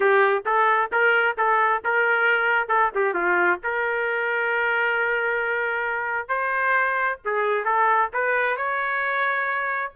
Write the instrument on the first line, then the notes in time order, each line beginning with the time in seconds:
trumpet
0.00 G4
0.45 A4
0.91 A#4
1.37 A4
1.84 A#4
2.68 A4
2.94 G4
3.14 F4
3.63 A#4
6.28 C5
7.24 G#4
7.64 A4
8.13 B4
8.56 C#5